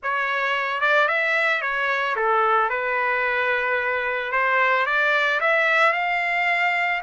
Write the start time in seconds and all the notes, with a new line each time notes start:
0.02 C#5
0.81 D5
1.08 E5
1.61 C#5
2.16 A4
2.69 B4
4.32 C5
4.86 D5
5.40 E5
5.93 F5